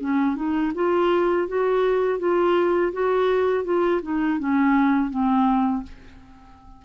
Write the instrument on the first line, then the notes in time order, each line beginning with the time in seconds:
clarinet
0.00 C#4
0.36 D#4
0.75 F4
1.48 F#4
2.19 F4
2.92 F#4
3.64 F4
4.02 D#4
4.39 C#4
5.10 C4